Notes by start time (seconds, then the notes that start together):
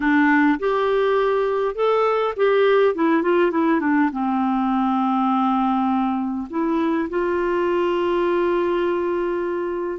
0.00 D4
0.59 G4
1.75 A4
2.36 G4
2.94 E4
3.22 F4
3.51 E4
3.80 D4
4.12 C4
6.50 E4
7.09 F4